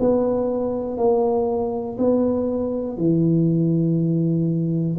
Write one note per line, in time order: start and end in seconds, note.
0.00 0.98 B3
0.98 1.98 A#3
1.99 2.98 B3
2.98 4.98 E3